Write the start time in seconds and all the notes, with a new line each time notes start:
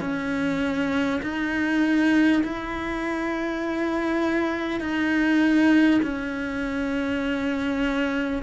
0.00 C#4
1.22 D#4
2.43 E4
4.80 D#4
6.02 C#4